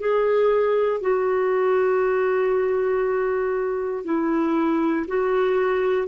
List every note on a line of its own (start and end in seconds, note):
0.00 1.01 G#4
1.01 4.05 F#4
4.05 5.07 E4
5.08 6.08 F#4